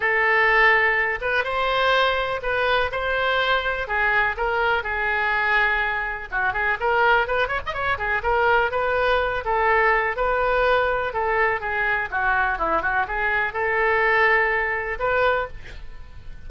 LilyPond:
\new Staff \with { instrumentName = "oboe" } { \time 4/4 \tempo 4 = 124 a'2~ a'8 b'8 c''4~ | c''4 b'4 c''2 | gis'4 ais'4 gis'2~ | gis'4 fis'8 gis'8 ais'4 b'8 cis''16 dis''16 |
cis''8 gis'8 ais'4 b'4. a'8~ | a'4 b'2 a'4 | gis'4 fis'4 e'8 fis'8 gis'4 | a'2. b'4 | }